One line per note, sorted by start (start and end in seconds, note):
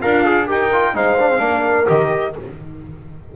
0.00 0.50 D4
0.00 0.47 F4
0.00 0.25 A#4
0.00 0.48 F5
0.25 0.46 G#4
0.46 0.94 D#4
0.46 0.69 G4
0.46 0.93 A#4
0.46 0.96 G5
0.72 0.95 F4
0.94 1.39 G#3
0.94 1.18 D#4
0.94 1.42 C5
0.94 1.89 F5
1.19 1.30 D4
1.30 1.39 C4
1.39 1.86 A#3
1.39 1.85 D4
1.39 2.35 A#4
1.86 2.36 D#3
1.86 2.32 G4
1.86 2.35 D#5